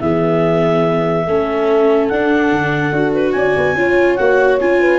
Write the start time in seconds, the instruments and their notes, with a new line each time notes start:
0.00 tuba E3, viola B3, horn G#4, clarinet E5
1.26 tuba A3, viola C#4, horn A4
2.08 tuba D4, viola D4, clarinet F#5
2.51 tuba D3
2.92 tuba D4, viola F#4
3.13 clarinet B4
3.32 tuba C#4, horn D5, clarinet G#5
3.57 tuba B3
3.75 tuba C#4, viola F4, horn C#5
4.16 tuba A#3, viola F#4, clarinet F#5
4.60 tuba C#4, viola F4, clarinet G#5
4.81 horn B4